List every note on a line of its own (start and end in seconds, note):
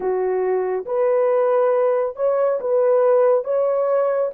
0.00 0.85 F#4
0.85 2.15 B4
2.15 2.59 C#5
2.60 3.44 B4
3.44 4.31 C#5